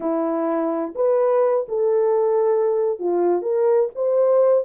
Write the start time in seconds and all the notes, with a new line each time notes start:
0.00 E4
0.95 B4
1.68 A4
2.99 F4
3.42 A#4
3.95 C5